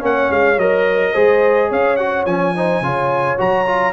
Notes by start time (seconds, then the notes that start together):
0.00 A#3 C#4 C#5 F#5
0.30 G#3 F5
0.58 F#3 A#4 D#5
1.13 G#3 G#4 C5
1.69 C#4 C#5 F5
1.96 F#4 F#5
2.26 F3 C#4 G#5
2.55 D#4 C5
2.81 C#3 F4 C#5
3.38 F#3 F#4 A#5
3.67 F4